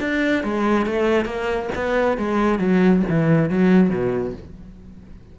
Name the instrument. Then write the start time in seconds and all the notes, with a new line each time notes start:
cello
0.00 D4
0.43 G#3
0.86 A3
1.25 A#3
1.75 B3
2.18 G#3
2.59 F#3
3.09 E3
3.49 F#3
3.90 B2